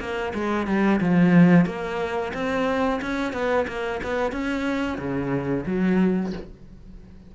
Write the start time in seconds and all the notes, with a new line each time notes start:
0.00 A#3
0.35 G#3
0.67 G3
1.01 F3
1.66 A#3
2.34 C4
3.02 C#4
3.33 B3
3.68 A#3
4.04 B3
4.32 C#4
4.98 C#3
5.67 F#3